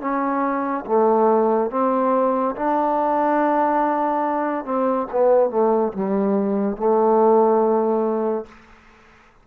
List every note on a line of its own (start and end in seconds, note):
0.00 0.85 C#4
0.86 1.70 A3
1.70 2.55 C4
2.55 4.64 D4
4.64 5.07 C4
5.11 5.50 B3
5.50 5.92 A3
5.92 6.76 G3
6.76 8.45 A3